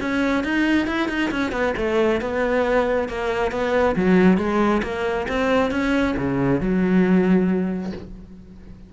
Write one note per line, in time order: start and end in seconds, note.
0.00 0.44 C#4
0.44 0.87 D#4
0.87 1.08 E4
1.08 1.30 D#4
1.31 1.52 C#4
1.52 1.74 B3
1.77 2.21 A3
2.21 3.08 B3
3.08 3.51 A#3
3.51 3.95 B3
3.95 4.37 F#3
4.37 4.81 G#3
4.82 5.27 A#3
5.28 5.71 C4
5.71 6.15 C#4
6.17 6.60 C#3
6.60 7.93 F#3